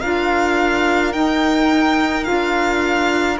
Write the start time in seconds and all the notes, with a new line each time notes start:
0.00 D4 F4 A#4 F5
1.12 D#4 G5
2.23 F4 F5
2.30 D4